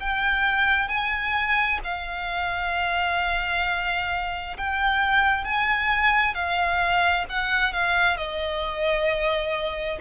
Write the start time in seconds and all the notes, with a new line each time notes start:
0.00 G5
0.88 G#5
1.84 F5
4.57 G5
5.44 G#5
6.34 F5
7.29 F#5
7.73 F5
8.17 D#5